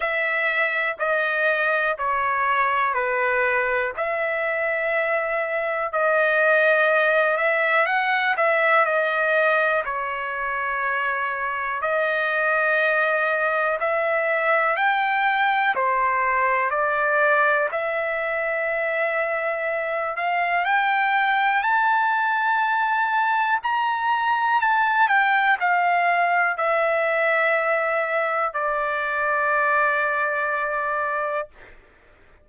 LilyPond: \new Staff \with { instrumentName = "trumpet" } { \time 4/4 \tempo 4 = 61 e''4 dis''4 cis''4 b'4 | e''2 dis''4. e''8 | fis''8 e''8 dis''4 cis''2 | dis''2 e''4 g''4 |
c''4 d''4 e''2~ | e''8 f''8 g''4 a''2 | ais''4 a''8 g''8 f''4 e''4~ | e''4 d''2. | }